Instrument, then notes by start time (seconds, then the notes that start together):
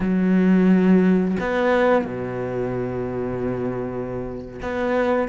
cello
0.00 F#3
1.40 B3
2.04 B2
4.62 B3